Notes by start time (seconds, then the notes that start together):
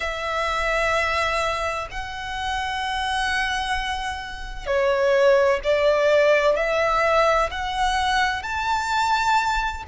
0.00 E5
1.90 F#5
4.66 C#5
5.63 D5
6.56 E5
7.50 F#5
8.42 A5